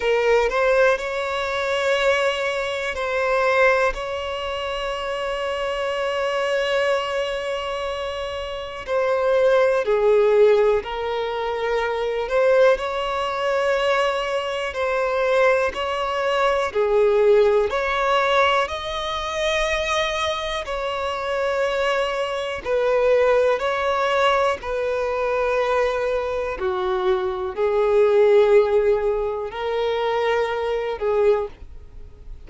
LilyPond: \new Staff \with { instrumentName = "violin" } { \time 4/4 \tempo 4 = 61 ais'8 c''8 cis''2 c''4 | cis''1~ | cis''4 c''4 gis'4 ais'4~ | ais'8 c''8 cis''2 c''4 |
cis''4 gis'4 cis''4 dis''4~ | dis''4 cis''2 b'4 | cis''4 b'2 fis'4 | gis'2 ais'4. gis'8 | }